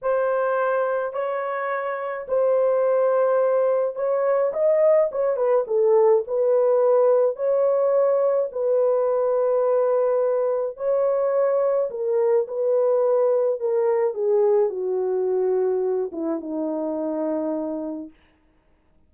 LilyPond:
\new Staff \with { instrumentName = "horn" } { \time 4/4 \tempo 4 = 106 c''2 cis''2 | c''2. cis''4 | dis''4 cis''8 b'8 a'4 b'4~ | b'4 cis''2 b'4~ |
b'2. cis''4~ | cis''4 ais'4 b'2 | ais'4 gis'4 fis'2~ | fis'8 e'8 dis'2. | }